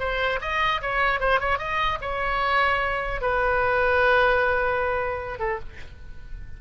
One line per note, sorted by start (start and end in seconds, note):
0.00 0.40 C5
0.42 0.82 D#5
0.82 1.21 C#5
1.21 1.40 C5
1.40 1.59 C#5
1.59 1.99 D#5
2.02 3.22 C#5
3.22 5.40 B4
5.40 5.60 A4